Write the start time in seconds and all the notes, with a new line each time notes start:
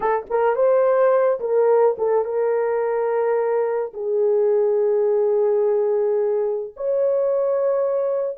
0.00 A4
0.30 A#4
0.55 C5
1.40 A#4
1.98 A4
2.24 A#4
3.93 G#4
6.76 C#5